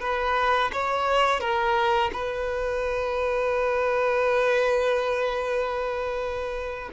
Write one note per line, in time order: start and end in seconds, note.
0.00 0.71 B4
0.72 1.40 C#5
1.40 2.10 A#4
2.13 6.89 B4